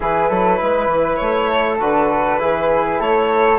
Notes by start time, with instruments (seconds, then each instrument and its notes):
0.00 bassoon E3, trombone E4, flute G#4, violin B4
0.29 bassoon F#3, flute A4
0.62 bassoon G#3, flute B4
0.87 bassoon E3
1.16 bassoon A3, violin C#5
1.50 flute A4
1.79 bassoon D3, trombone F#4, violin B4
2.39 bassoon E3, trombone E4, flute G#4
3.00 bassoon A3, flute A4, violin C#5